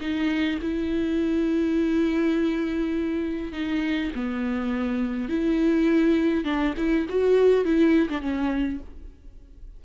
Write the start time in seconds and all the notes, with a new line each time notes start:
0.00 D#4
0.61 E4
3.52 D#4
4.15 B3
5.28 E4
6.44 D4
6.77 E4
7.09 F#4
7.64 E4
8.09 D4
8.21 C#4